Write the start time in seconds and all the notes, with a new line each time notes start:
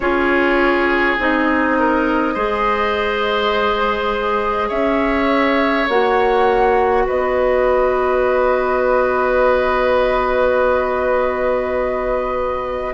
0.00 C#4 F4 G#4 C#5
1.18 C4 D#4 D#5
1.79 A#4
2.34 G#3 G#4 C5
4.68 C#4 C#5 E5
5.88 A#3 F#4 F#5
7.06 B3 B4 D#5